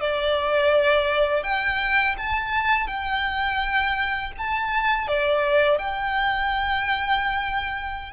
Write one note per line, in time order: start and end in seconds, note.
0.00 1.43 D5
1.43 2.15 G5
2.17 2.87 A5
2.87 4.31 G5
4.37 5.07 A5
5.07 5.78 D5
5.78 8.12 G5